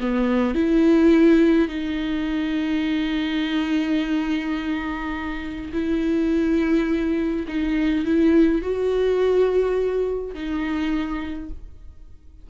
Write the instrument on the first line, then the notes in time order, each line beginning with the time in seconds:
viola
0.00 B3
0.55 E4
1.68 D#4
5.73 E4
7.48 D#4
8.05 E4
8.62 F#4
10.34 D#4